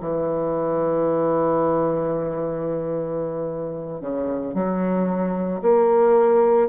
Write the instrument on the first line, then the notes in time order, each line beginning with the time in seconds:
bassoon
0.00 E3
4.01 C#3
4.54 F#3
5.62 A#3